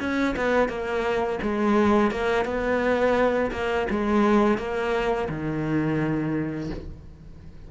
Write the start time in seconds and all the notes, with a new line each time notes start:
0.00 C#4
0.37 B3
0.69 A#3
1.42 G#3
2.11 A#3
2.45 B3
3.52 A#3
3.90 G#3
4.58 A#3
5.29 D#3